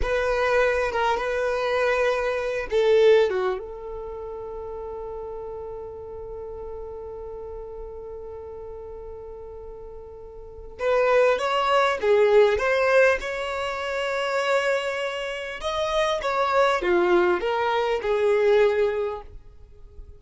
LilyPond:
\new Staff \with { instrumentName = "violin" } { \time 4/4 \tempo 4 = 100 b'4. ais'8 b'2~ | b'8 a'4 fis'8 a'2~ | a'1~ | a'1~ |
a'2 b'4 cis''4 | gis'4 c''4 cis''2~ | cis''2 dis''4 cis''4 | f'4 ais'4 gis'2 | }